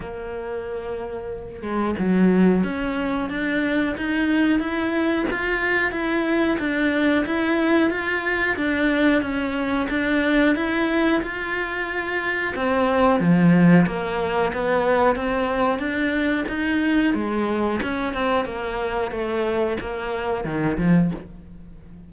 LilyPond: \new Staff \with { instrumentName = "cello" } { \time 4/4 \tempo 4 = 91 ais2~ ais8 gis8 fis4 | cis'4 d'4 dis'4 e'4 | f'4 e'4 d'4 e'4 | f'4 d'4 cis'4 d'4 |
e'4 f'2 c'4 | f4 ais4 b4 c'4 | d'4 dis'4 gis4 cis'8 c'8 | ais4 a4 ais4 dis8 f8 | }